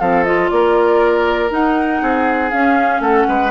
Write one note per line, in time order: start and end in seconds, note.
0.00 0.51 F3
0.00 0.26 C4
0.00 0.50 A4
0.00 0.24 F5
0.24 1.50 F4
0.24 0.49 D#5
0.50 1.51 A#3
0.50 2.02 A#4
0.50 1.51 D5
1.50 2.51 D#4
1.50 2.01 D#4
1.50 2.50 F#5
2.02 2.52 C4
2.02 3.01 G#4
2.50 3.00 C#4
2.50 3.51 C#4
2.50 3.01 F5
3.00 3.25 A3
3.00 3.27 A4
3.00 3.51 F#5
3.28 3.51 G#3
3.28 3.51 B4